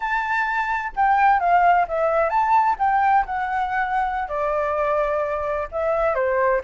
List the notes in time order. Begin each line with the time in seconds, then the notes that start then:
0.00 A5
0.96 G5
1.39 F5
1.87 E5
2.29 A5
2.78 G5
3.25 F#5
4.28 D5
5.71 E5
6.14 C5